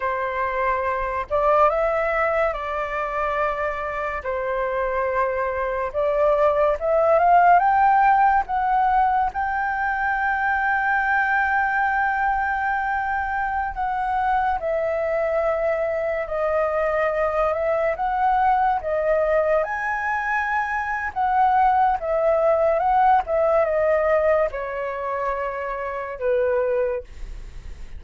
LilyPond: \new Staff \with { instrumentName = "flute" } { \time 4/4 \tempo 4 = 71 c''4. d''8 e''4 d''4~ | d''4 c''2 d''4 | e''8 f''8 g''4 fis''4 g''4~ | g''1~ |
g''16 fis''4 e''2 dis''8.~ | dis''8. e''8 fis''4 dis''4 gis''8.~ | gis''4 fis''4 e''4 fis''8 e''8 | dis''4 cis''2 b'4 | }